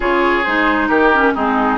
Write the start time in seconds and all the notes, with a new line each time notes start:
0.00 C#3 F4 G#4 C#5
0.43 G#3 D#4 C5
0.87 D#3 G4 A#4
1.13 C#4
1.35 G#3 C4 D#4 G#4